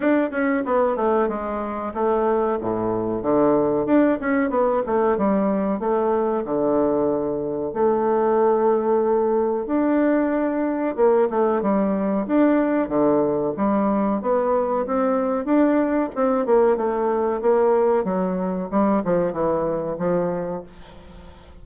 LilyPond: \new Staff \with { instrumentName = "bassoon" } { \time 4/4 \tempo 4 = 93 d'8 cis'8 b8 a8 gis4 a4 | a,4 d4 d'8 cis'8 b8 a8 | g4 a4 d2 | a2. d'4~ |
d'4 ais8 a8 g4 d'4 | d4 g4 b4 c'4 | d'4 c'8 ais8 a4 ais4 | fis4 g8 f8 e4 f4 | }